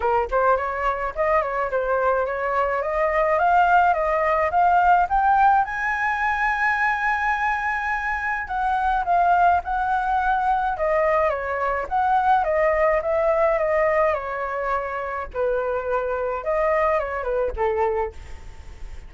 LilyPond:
\new Staff \with { instrumentName = "flute" } { \time 4/4 \tempo 4 = 106 ais'8 c''8 cis''4 dis''8 cis''8 c''4 | cis''4 dis''4 f''4 dis''4 | f''4 g''4 gis''2~ | gis''2. fis''4 |
f''4 fis''2 dis''4 | cis''4 fis''4 dis''4 e''4 | dis''4 cis''2 b'4~ | b'4 dis''4 cis''8 b'8 a'4 | }